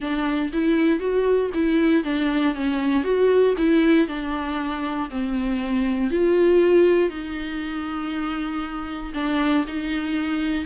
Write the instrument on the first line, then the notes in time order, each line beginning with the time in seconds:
viola
0.00 D4
0.52 E4
0.99 F#4
1.54 E4
2.03 D4
2.54 C#4
3.03 F#4
3.57 E4
4.07 D4
5.10 C4
6.10 F4
7.09 D#4
9.14 D4
9.67 D#4